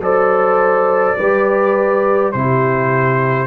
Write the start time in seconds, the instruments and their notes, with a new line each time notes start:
0.00 tuba F#3, trombone A4, horn C5, trumpet D5
1.18 tuba G3, trombone G4, horn B4
2.32 tuba C3, trombone E4, horn G4, trumpet C5